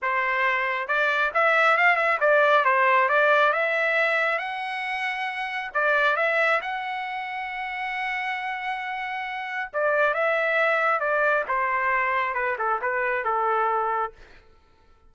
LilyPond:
\new Staff \with { instrumentName = "trumpet" } { \time 4/4 \tempo 4 = 136 c''2 d''4 e''4 | f''8 e''8 d''4 c''4 d''4 | e''2 fis''2~ | fis''4 d''4 e''4 fis''4~ |
fis''1~ | fis''2 d''4 e''4~ | e''4 d''4 c''2 | b'8 a'8 b'4 a'2 | }